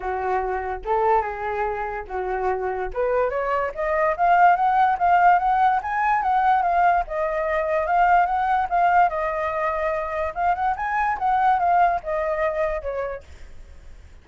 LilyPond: \new Staff \with { instrumentName = "flute" } { \time 4/4 \tempo 4 = 145 fis'2 a'4 gis'4~ | gis'4 fis'2 b'4 | cis''4 dis''4 f''4 fis''4 | f''4 fis''4 gis''4 fis''4 |
f''4 dis''2 f''4 | fis''4 f''4 dis''2~ | dis''4 f''8 fis''8 gis''4 fis''4 | f''4 dis''2 cis''4 | }